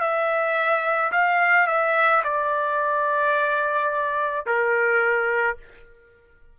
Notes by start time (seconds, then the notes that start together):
0.00 E5
1.12 F5
1.67 E5
2.23 D5
4.45 A#4